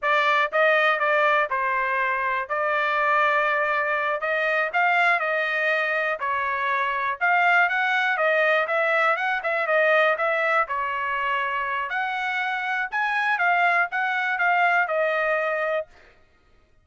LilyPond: \new Staff \with { instrumentName = "trumpet" } { \time 4/4 \tempo 4 = 121 d''4 dis''4 d''4 c''4~ | c''4 d''2.~ | d''8 dis''4 f''4 dis''4.~ | dis''8 cis''2 f''4 fis''8~ |
fis''8 dis''4 e''4 fis''8 e''8 dis''8~ | dis''8 e''4 cis''2~ cis''8 | fis''2 gis''4 f''4 | fis''4 f''4 dis''2 | }